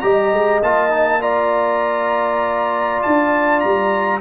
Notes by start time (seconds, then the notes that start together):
0.00 G3 G4 D#5 A#5
0.32 G#3
0.61 A#3 F4 A5
0.89 D#4
1.20 F4 D5 A#5
3.02 D4 A5
3.60 G3 A#5